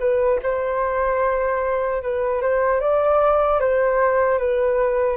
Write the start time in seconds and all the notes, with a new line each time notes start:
0.00 B4
0.43 C5
2.03 B4
2.42 C5
2.81 D5
3.60 C5
4.39 B4